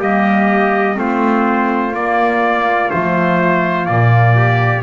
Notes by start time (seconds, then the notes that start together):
0.00 G3 A#3 G4 D#5
0.95 A3 C4 F4 C5
1.94 A#3 D5
2.91 F3 A3 C5
3.84 A#2 A#3 D5
4.37 G4